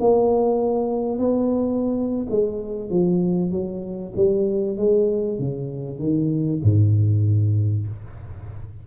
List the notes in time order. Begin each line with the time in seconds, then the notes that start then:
0.00 A#3
1.18 B3
2.30 G#3
2.90 F3
3.51 F#3
4.16 G3
4.77 G#3
5.39 C#3
5.99 D#3
6.63 G#2